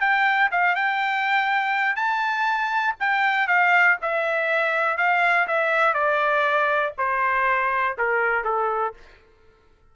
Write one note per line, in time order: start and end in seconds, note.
0.00 0.50 G5
0.51 0.75 F5
0.75 1.96 G5
1.96 2.95 A5
2.99 3.47 G5
3.47 3.97 F5
4.02 4.97 E5
4.97 5.47 F5
5.47 5.94 E5
5.94 6.93 D5
6.97 7.97 C5
7.97 8.44 A#4
8.44 8.94 A4